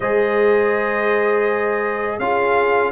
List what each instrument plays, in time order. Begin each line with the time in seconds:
0.00 tuba G#3, trombone G#4, horn C5, trumpet D#5
2.18 tuba C#4, trombone F4, horn G#4, trumpet F5